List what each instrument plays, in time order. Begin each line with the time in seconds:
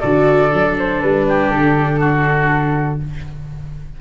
0.00 tuba D3, viola F#4, oboe A4, flute D5
0.50 tuba F#3, viola D4
0.78 flute C5
1.01 tuba G3, flute B4
1.28 oboe G4
1.50 tuba D3, flute A4
2.00 oboe F#4